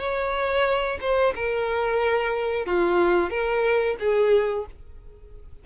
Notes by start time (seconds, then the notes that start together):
0.00 C#5
1.01 C5
1.36 A#4
2.67 F4
3.31 A#4
4.00 G#4